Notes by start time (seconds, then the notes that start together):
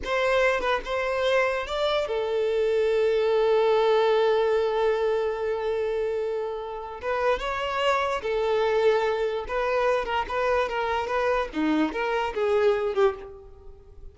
0.04 C5
0.60 B4
0.84 C5
1.66 D5
2.07 A4
7.01 B4
7.39 C#5
8.22 A4
9.48 B4
10.05 A#4
10.28 B4
10.68 A#4
11.07 B4
11.53 D#4
11.92 A#4
12.34 G#4
12.94 G4